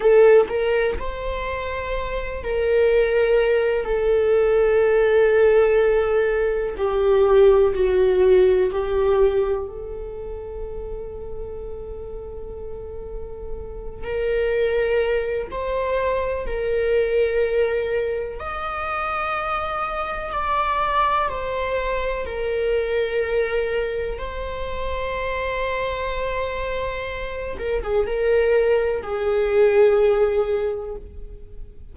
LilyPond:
\new Staff \with { instrumentName = "viola" } { \time 4/4 \tempo 4 = 62 a'8 ais'8 c''4. ais'4. | a'2. g'4 | fis'4 g'4 a'2~ | a'2~ a'8 ais'4. |
c''4 ais'2 dis''4~ | dis''4 d''4 c''4 ais'4~ | ais'4 c''2.~ | c''8 ais'16 gis'16 ais'4 gis'2 | }